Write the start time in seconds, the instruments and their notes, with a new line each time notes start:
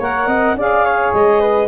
0.00 tuba A#3, saxophone A#4, flute C#5, clarinet F#5
0.27 tuba C4, flute D#5
0.54 tuba C#4, saxophone G#4, flute D5, clarinet F5
0.85 flute C#5
1.13 tuba G#3, clarinet D#5
1.40 flute B4